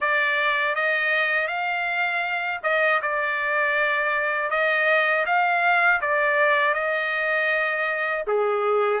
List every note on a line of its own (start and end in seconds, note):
0.00 0.75 D5
0.75 1.47 D#5
1.47 2.60 F5
2.63 3.00 D#5
3.02 4.50 D5
4.50 5.25 D#5
5.25 6.00 F5
6.01 6.73 D5
6.73 8.23 D#5
8.27 9.00 G#4